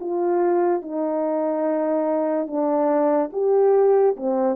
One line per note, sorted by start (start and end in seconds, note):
0.00 0.81 F4
0.81 2.47 D#4
2.47 3.30 D4
3.32 4.16 G4
4.16 4.56 C4